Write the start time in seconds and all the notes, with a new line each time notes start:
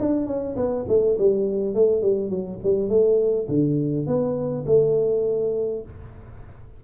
0.00 D4
0.27 C#4
0.57 B3
0.88 A3
1.18 G3
1.75 A3
2.02 G3
2.30 F#3
2.64 G3
2.89 A3
3.48 D3
4.07 B3
4.67 A3